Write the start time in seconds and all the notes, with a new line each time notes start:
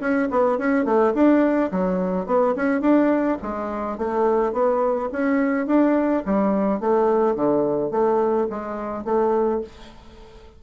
0.00 C#4
0.30 B3
0.58 C#4
0.85 A3
1.14 D4
1.71 F#3
2.26 B3
2.56 C#4
2.81 D4
3.42 G#3
3.98 A3
4.53 B3
5.12 C#4
5.66 D4
6.25 G3
6.80 A3
7.35 D3
7.91 A3
8.49 G#3
9.04 A3